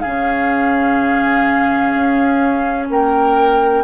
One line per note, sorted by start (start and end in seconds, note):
0.00 1.94 C#3
0.00 3.83 C#4
0.00 2.87 G#4
0.00 2.86 F5
1.94 2.89 C#4
2.89 3.83 A#3
2.89 3.83 A#4
2.89 3.83 G5